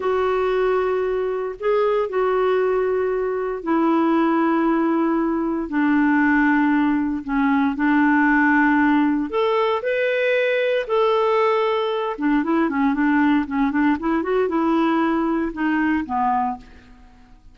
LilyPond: \new Staff \with { instrumentName = "clarinet" } { \time 4/4 \tempo 4 = 116 fis'2. gis'4 | fis'2. e'4~ | e'2. d'4~ | d'2 cis'4 d'4~ |
d'2 a'4 b'4~ | b'4 a'2~ a'8 d'8 | e'8 cis'8 d'4 cis'8 d'8 e'8 fis'8 | e'2 dis'4 b4 | }